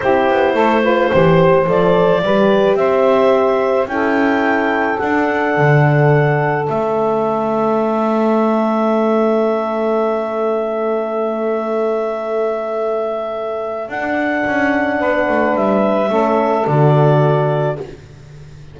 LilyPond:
<<
  \new Staff \with { instrumentName = "clarinet" } { \time 4/4 \tempo 4 = 108 c''2. d''4~ | d''4 e''2 g''4~ | g''4 fis''2. | e''1~ |
e''1~ | e''1~ | e''4 fis''2. | e''2 d''2 | }
  \new Staff \with { instrumentName = "saxophone" } { \time 4/4 g'4 a'8 b'8 c''2 | b'4 c''2 a'4~ | a'1~ | a'1~ |
a'1~ | a'1~ | a'2. b'4~ | b'4 a'2. | }
  \new Staff \with { instrumentName = "horn" } { \time 4/4 e'4. f'8 g'4 a'4 | g'2. e'4~ | e'4 d'2. | cis'1~ |
cis'1~ | cis'1~ | cis'4 d'2.~ | d'4 cis'4 fis'2 | }
  \new Staff \with { instrumentName = "double bass" } { \time 4/4 c'8 b8 a4 e4 f4 | g4 c'2 cis'4~ | cis'4 d'4 d2 | a1~ |
a1~ | a1~ | a4 d'4 cis'4 b8 a8 | g4 a4 d2 | }
>>